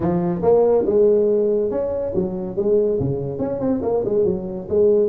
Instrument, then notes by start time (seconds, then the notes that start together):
tuba
0.00 F3
0.42 A#3
0.85 G#3
1.70 C#4
2.14 F#3
2.56 G#3
2.99 C#3
3.38 C#4
3.60 C4
3.82 A#3
4.04 G#3
4.24 F#3
4.69 G#3